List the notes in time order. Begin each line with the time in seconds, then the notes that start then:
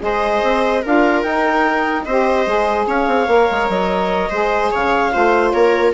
0.00 G#3 G#4 C5 D#5
0.43 C4
0.82 D4 F4 A#4 F5
1.22 D#4 G5
2.04 C4 G4 C5 D#5
2.46 G#3 G#4
2.86 C#4 C#5 F5
3.07 C4
3.27 A#3 A#4
3.50 G#3
3.68 F#3 D#5
4.30 G#3 G#4 C5
4.71 C#3 C#5 F5
5.12 A3 F4 C5
5.50 A#3 A#4 C#5